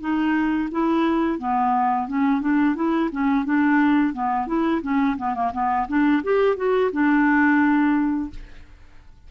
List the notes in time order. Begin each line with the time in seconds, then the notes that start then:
0.00 D#4
0.71 E4
1.39 B3
2.08 C#4
2.41 D4
2.75 E4
3.12 C#4
3.45 D4
4.13 B3
4.47 E4
4.82 C#4
5.17 B3
5.34 A#3
5.53 B3
5.88 D4
6.23 G4
6.56 F#4
6.92 D4